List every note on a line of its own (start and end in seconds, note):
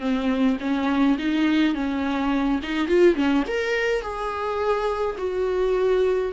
0.00 0.57 C4
0.61 1.18 C#4
1.18 1.75 D#4
1.75 2.60 C#4
2.63 2.88 D#4
2.88 3.15 F4
3.15 3.44 C#4
3.48 4.02 A#4
4.02 5.16 G#4
5.18 6.32 F#4